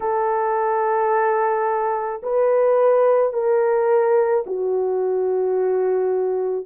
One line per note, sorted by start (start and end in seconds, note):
0.00 2.22 A4
2.22 3.33 B4
3.33 4.44 A#4
4.46 6.66 F#4